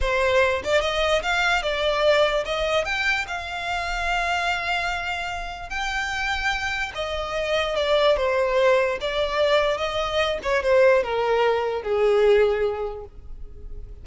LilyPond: \new Staff \with { instrumentName = "violin" } { \time 4/4 \tempo 4 = 147 c''4. d''8 dis''4 f''4 | d''2 dis''4 g''4 | f''1~ | f''2 g''2~ |
g''4 dis''2 d''4 | c''2 d''2 | dis''4. cis''8 c''4 ais'4~ | ais'4 gis'2. | }